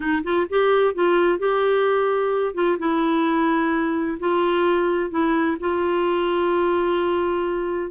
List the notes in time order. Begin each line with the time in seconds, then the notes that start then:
0.00 D#4
0.23 F4
0.49 G4
0.94 F4
1.38 G4
2.54 F4
2.79 E4
4.19 F4
5.10 E4
5.59 F4